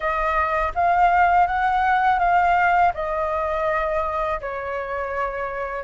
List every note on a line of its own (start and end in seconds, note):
0.00 0.72 D#5
0.75 1.46 F5
1.46 2.19 F#5
2.19 2.92 F5
2.94 4.40 D#5
4.40 5.83 C#5